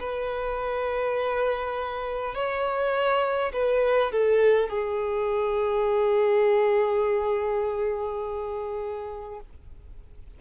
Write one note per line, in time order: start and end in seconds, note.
0.00 2.34 B4
2.34 3.52 C#5
3.53 4.12 B4
4.12 4.70 A4
4.70 9.40 G#4